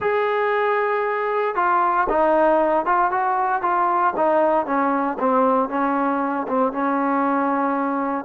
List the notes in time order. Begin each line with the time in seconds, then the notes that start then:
0.00 G#4
1.55 F4
2.09 D#4
2.85 F4
3.11 F#4
3.62 F4
4.16 D#4
4.66 C#4
5.19 C4
5.69 C#4
6.48 C4
6.72 C#4